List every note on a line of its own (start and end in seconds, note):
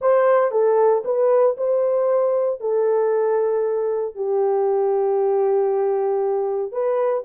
0.01 0.51 C5
0.51 1.03 A4
1.04 1.56 B4
1.57 2.60 C5
2.60 4.15 A4
4.15 6.71 G4
6.71 7.23 B4